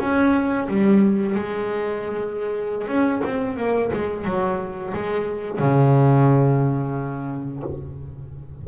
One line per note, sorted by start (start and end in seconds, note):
0.00 0.68 C#4
0.68 1.36 G3
1.36 2.88 G#3
2.88 3.22 C#4
3.25 3.58 C4
3.58 3.92 A#3
3.94 4.26 G#3
4.26 4.94 F#3
4.94 5.59 G#3
5.59 7.64 C#3